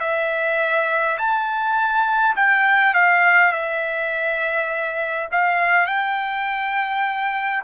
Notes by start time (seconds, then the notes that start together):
0.00 E5
1.18 A5
2.36 G5
2.94 F5
3.52 E5
5.32 F5
5.87 G5